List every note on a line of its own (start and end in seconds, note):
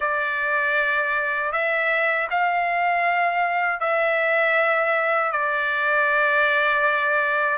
0.00 1.52 D5
1.52 2.28 E5
2.30 3.80 F5
3.80 5.32 E5
5.32 7.57 D5